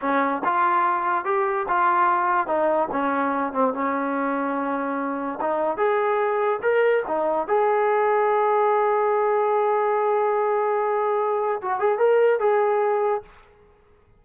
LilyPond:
\new Staff \with { instrumentName = "trombone" } { \time 4/4 \tempo 4 = 145 cis'4 f'2 g'4 | f'2 dis'4 cis'4~ | cis'8 c'8 cis'2.~ | cis'4 dis'4 gis'2 |
ais'4 dis'4 gis'2~ | gis'1~ | gis'1 | fis'8 gis'8 ais'4 gis'2 | }